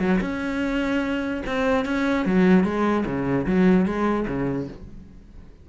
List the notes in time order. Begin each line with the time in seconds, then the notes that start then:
0.00 F#3
0.21 C#4
1.46 C4
1.85 C#4
2.26 F#3
2.64 G#3
3.06 C#3
3.47 F#3
3.86 G#3
4.28 C#3